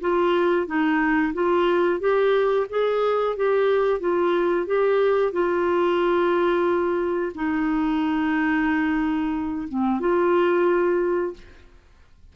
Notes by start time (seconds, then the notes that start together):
0.00 F4
0.66 D#4
1.33 F4
2.00 G4
2.69 G#4
3.36 G4
3.99 F4
4.66 G4
5.32 F4
7.35 D#4
9.68 C4
10.00 F4